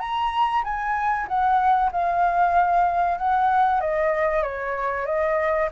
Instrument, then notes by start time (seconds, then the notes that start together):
flute
0.00 A#5
0.64 G#5
1.28 F#5
1.92 F5
3.18 F#5
3.81 D#5
4.43 C#5
5.06 D#5